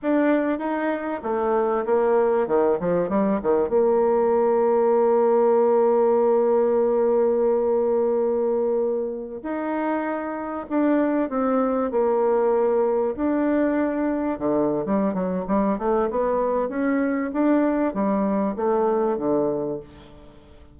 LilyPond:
\new Staff \with { instrumentName = "bassoon" } { \time 4/4 \tempo 4 = 97 d'4 dis'4 a4 ais4 | dis8 f8 g8 dis8 ais2~ | ais1~ | ais2.~ ais16 dis'8.~ |
dis'4~ dis'16 d'4 c'4 ais8.~ | ais4~ ais16 d'2 d8. | g8 fis8 g8 a8 b4 cis'4 | d'4 g4 a4 d4 | }